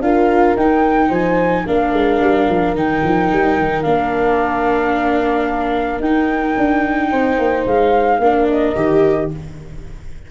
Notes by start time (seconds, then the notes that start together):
0.00 D4 F4 A#4 F5
0.56 D#4 G5
1.08 F3 C5 G#5
1.66 A#3 D4 A#4 F5
1.92 G#3
2.20 G3
2.49 F3
2.74 D#3 D#4 G5
3.03 F3
3.32 G3
3.58 D#3
3.82 A#3 D4 F5
5.99 D#4 G5
6.57 D4
7.10 C4 C5
7.38 A#3
7.65 G#3 F5
8.18 A#3 D4 A#4
8.49 D#5
8.75 D#3 G4